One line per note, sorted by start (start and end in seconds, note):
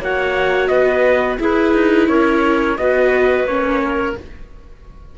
0.00 0.69 A#3
0.00 1.38 F#4
0.00 0.70 C#5
0.00 0.68 F#5
0.68 1.39 B3
0.68 1.40 B4
0.68 1.37 D#5
1.38 2.76 E4
1.38 1.74 E4
1.38 2.08 G#4
1.38 2.08 B4
1.74 2.08 D#4
2.08 2.77 C#4
2.08 2.77 A#4
2.08 2.77 C#5
2.77 3.44 B3
2.77 3.47 F#4
2.77 3.83 B4
2.77 3.46 D#5
3.44 4.13 A#3
3.44 4.17 C#4
3.44 4.15 C#5
3.83 4.18 A#4